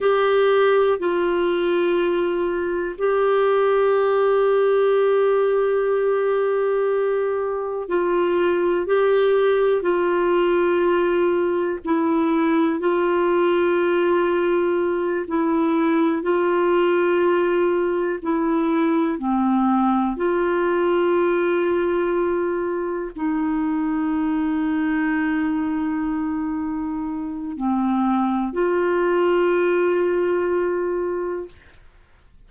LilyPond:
\new Staff \with { instrumentName = "clarinet" } { \time 4/4 \tempo 4 = 61 g'4 f'2 g'4~ | g'1 | f'4 g'4 f'2 | e'4 f'2~ f'8 e'8~ |
e'8 f'2 e'4 c'8~ | c'8 f'2. dis'8~ | dis'1 | c'4 f'2. | }